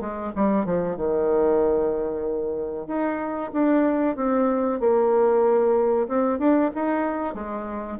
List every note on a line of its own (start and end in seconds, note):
0.00 0.32 G#3
0.35 0.65 G3
0.65 0.96 F3
0.96 2.87 D#3
2.87 3.51 D#4
3.53 4.16 D4
4.16 4.80 C4
4.80 6.07 A#3
6.08 6.38 C4
6.38 6.70 D4
6.75 7.34 D#4
7.34 7.98 G#3